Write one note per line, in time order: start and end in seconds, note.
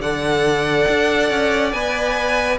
0.00 0.86 D3
0.00 1.74 A4
0.00 2.59 D5
0.00 1.72 F#5
0.88 1.30 D4
1.30 1.73 C#4
1.72 2.58 B3
1.72 2.59 B4
1.72 2.58 G#5